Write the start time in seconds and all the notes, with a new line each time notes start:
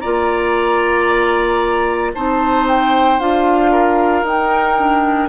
0.00 A#3 F4 D5 A#5
2.14 C4 D#4 C5 A5
2.67 G5
3.19 D4 F4 F5
3.71 A#4
4.22 D#4 G5
4.77 D4